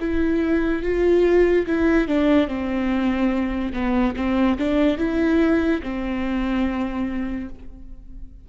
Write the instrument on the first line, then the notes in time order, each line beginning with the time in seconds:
viola
0.00 E4
0.83 F4
1.67 E4
2.08 D4
2.48 C4
3.73 B3
4.17 C4
4.59 D4
4.98 E4
5.83 C4